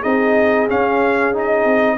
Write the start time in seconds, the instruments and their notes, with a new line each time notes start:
0.00 tuba C4, trombone D#4, horn G#4, trumpet D#5
0.68 trombone C#4, tuba C#4, trumpet F5
1.33 trombone D#4, trumpet D#5
1.64 tuba C4